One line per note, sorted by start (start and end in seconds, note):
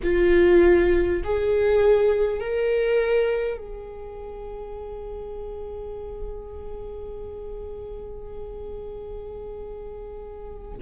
0.03 1.23 F4
1.23 2.39 G#4
2.39 3.57 A#4
3.57 10.77 G#4